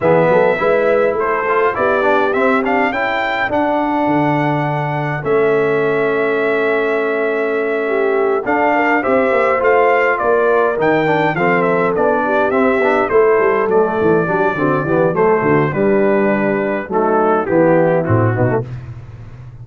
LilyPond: <<
  \new Staff \with { instrumentName = "trumpet" } { \time 4/4 \tempo 4 = 103 e''2 c''4 d''4 | e''8 f''8 g''4 fis''2~ | fis''4 e''2.~ | e''2~ e''8 f''4 e''8~ |
e''8 f''4 d''4 g''4 f''8 | e''8 d''4 e''4 c''4 d''8~ | d''2 c''4 b'4~ | b'4 a'4 g'4 fis'4 | }
  \new Staff \with { instrumentName = "horn" } { \time 4/4 gis'8 a'8 b'4 a'4 g'4~ | g'4 a'2.~ | a'1~ | a'4. g'4 a'8 ais'8 c''8~ |
c''4. ais'2 a'8~ | a'4 g'4. a'4.~ | a'8 g'8 fis'8 g'8 a'8 fis'8 d'4~ | d'4 dis'4 e'4. dis'8 | }
  \new Staff \with { instrumentName = "trombone" } { \time 4/4 b4 e'4. f'8 e'8 d'8 | c'8 d'8 e'4 d'2~ | d'4 cis'2.~ | cis'2~ cis'8 d'4 g'8~ |
g'8 f'2 dis'8 d'8 c'8~ | c'8 d'4 c'8 d'8 e'4 a8~ | a8 d'8 c'8 b8 a4 g4~ | g4 a4 b4 c'8 b16 a16 | }
  \new Staff \with { instrumentName = "tuba" } { \time 4/4 e8 fis8 gis4 a4 b4 | c'4 cis'4 d'4 d4~ | d4 a2.~ | a2~ a8 d'4 c'8 |
ais8 a4 ais4 dis4 f8~ | f8 b4 c'8 b8 a8 g8 fis8 | e8 fis8 d8 e8 fis8 d8 g4~ | g4 fis4 e4 a,8 b,8 | }
>>